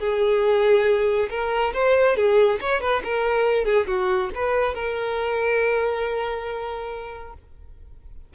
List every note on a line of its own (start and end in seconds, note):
0.00 1.29 G#4
1.30 1.73 A#4
1.74 2.16 C5
2.16 2.60 G#4
2.61 2.81 C#5
2.81 3.03 B4
3.04 3.65 A#4
3.65 3.87 G#4
3.87 4.30 F#4
4.35 4.75 B4
4.75 7.34 A#4